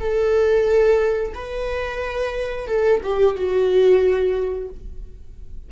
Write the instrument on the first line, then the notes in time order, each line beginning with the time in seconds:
viola
0.00 A4
1.34 B4
2.68 A4
3.03 G4
3.36 F#4